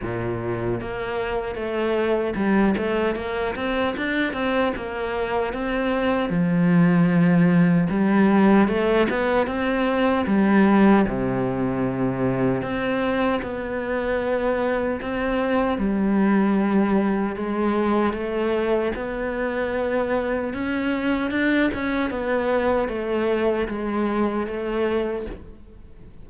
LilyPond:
\new Staff \with { instrumentName = "cello" } { \time 4/4 \tempo 4 = 76 ais,4 ais4 a4 g8 a8 | ais8 c'8 d'8 c'8 ais4 c'4 | f2 g4 a8 b8 | c'4 g4 c2 |
c'4 b2 c'4 | g2 gis4 a4 | b2 cis'4 d'8 cis'8 | b4 a4 gis4 a4 | }